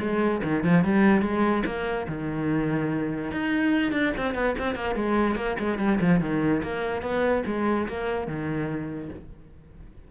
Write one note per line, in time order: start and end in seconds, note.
0.00 0.41 G#3
0.43 0.63 D#3
0.63 0.84 F3
0.84 1.22 G3
1.22 1.63 G#3
1.65 2.07 A#3
2.08 3.31 D#3
3.31 3.92 D#4
3.92 4.13 D4
4.17 4.34 C4
4.34 4.55 B3
4.58 4.75 C4
4.75 4.95 A#3
4.95 5.35 G#3
5.35 5.56 A#3
5.59 5.78 G#3
5.78 5.99 G3
6.00 6.20 F3
6.20 6.62 D#3
6.63 7.02 A#3
7.02 7.43 B3
7.46 7.87 G#3
7.88 8.27 A#3
8.27 9.10 D#3